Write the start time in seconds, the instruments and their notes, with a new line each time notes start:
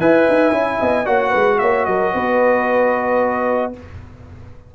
0.00 tuba E4, trombone B4, horn E5, trumpet G#5
0.29 tuba D#4
0.51 tuba C#4, trombone E4
0.80 tuba B3, horn D#5
1.06 tuba A#3, trombone F#4, horn C#5, trumpet F#5
1.30 tuba G#3, horn B4
1.59 tuba A#3, horn C#5, trumpet E5
1.86 tuba F#3, horn A#4, trumpet D#5
2.14 tuba B3, horn B4